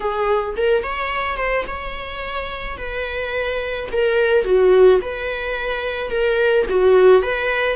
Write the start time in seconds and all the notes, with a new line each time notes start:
0.00 G#4
0.57 A#4
0.83 C#5
1.36 C5
1.67 C#5
2.77 B4
3.92 A#4
4.44 F#4
5.01 B4
6.10 A#4
6.69 F#4
7.22 B4